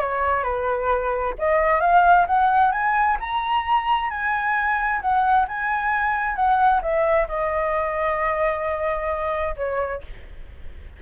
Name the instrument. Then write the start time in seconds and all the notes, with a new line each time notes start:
flute
0.00 C#5
0.44 B4
1.39 D#5
1.81 F5
2.27 F#5
2.72 G#5
3.20 A#5
4.11 G#5
5.02 F#5
5.49 G#5
6.36 F#5
6.82 E5
7.28 D#5
9.57 C#5